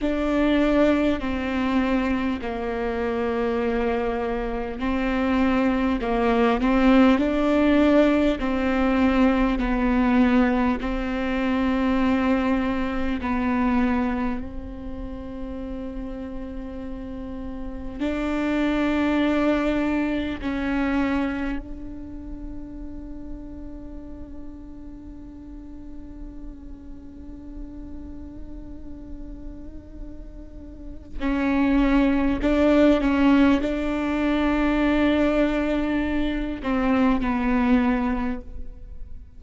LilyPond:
\new Staff \with { instrumentName = "viola" } { \time 4/4 \tempo 4 = 50 d'4 c'4 ais2 | c'4 ais8 c'8 d'4 c'4 | b4 c'2 b4 | c'2. d'4~ |
d'4 cis'4 d'2~ | d'1~ | d'2 cis'4 d'8 cis'8 | d'2~ d'8 c'8 b4 | }